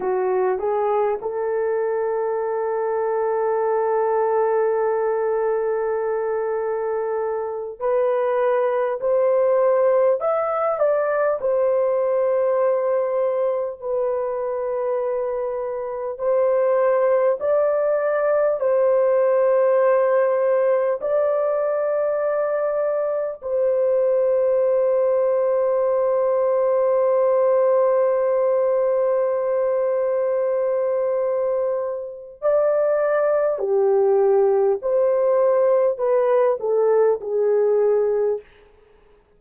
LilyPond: \new Staff \with { instrumentName = "horn" } { \time 4/4 \tempo 4 = 50 fis'8 gis'8 a'2.~ | a'2~ a'8 b'4 c''8~ | c''8 e''8 d''8 c''2 b'8~ | b'4. c''4 d''4 c''8~ |
c''4. d''2 c''8~ | c''1~ | c''2. d''4 | g'4 c''4 b'8 a'8 gis'4 | }